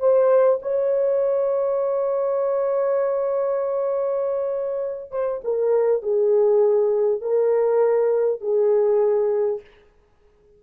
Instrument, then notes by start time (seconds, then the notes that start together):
horn
0.00 C5
0.62 C#5
5.11 C5
5.44 A#4
6.03 G#4
7.22 A#4
8.41 G#4